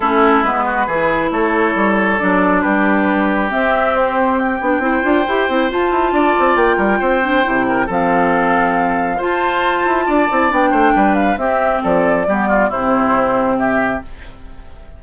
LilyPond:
<<
  \new Staff \with { instrumentName = "flute" } { \time 4/4 \tempo 4 = 137 a'4 b'2 cis''4~ | cis''4 d''4 b'2 | e''4 c''4 g''2~ | g''4 a''2 g''4~ |
g''2 f''2~ | f''4 a''2. | g''4. f''8 e''4 d''4~ | d''4 c''2 e''4 | }
  \new Staff \with { instrumentName = "oboe" } { \time 4/4 e'4. fis'8 gis'4 a'4~ | a'2 g'2~ | g'2. c''4~ | c''2 d''4. ais'8 |
c''4. ais'8 a'2~ | a'4 c''2 d''4~ | d''8 c''8 b'4 g'4 a'4 | g'8 f'8 e'2 g'4 | }
  \new Staff \with { instrumentName = "clarinet" } { \time 4/4 cis'4 b4 e'2~ | e'4 d'2. | c'2~ c'8 d'8 e'8 f'8 | g'8 e'8 f'2.~ |
f'8 d'8 e'4 c'2~ | c'4 f'2~ f'8 e'8 | d'2 c'2 | b4 c'2. | }
  \new Staff \with { instrumentName = "bassoon" } { \time 4/4 a4 gis4 e4 a4 | g4 fis4 g2 | c'2~ c'8 b8 c'8 d'8 | e'8 c'8 f'8 e'8 d'8 c'8 ais8 g8 |
c'4 c4 f2~ | f4 f'4. e'8 d'8 c'8 | b8 a8 g4 c'4 f4 | g4 c2. | }
>>